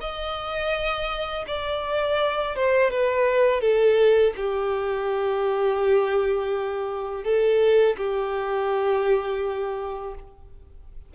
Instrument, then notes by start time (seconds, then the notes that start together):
violin
0.00 D#5
1.47 D5
2.55 C5
2.90 B4
3.61 A4
4.36 G4
7.24 A4
7.97 G4